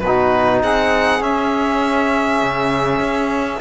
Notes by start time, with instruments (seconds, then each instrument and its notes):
0.00 cello B2, saxophone F#4, violin B4
0.07 trombone D#4
0.63 cello C4, saxophone G#4, violin F#5
1.21 cello C#4, trombone C#4, violin E5
2.42 cello C#3
3.01 cello C#4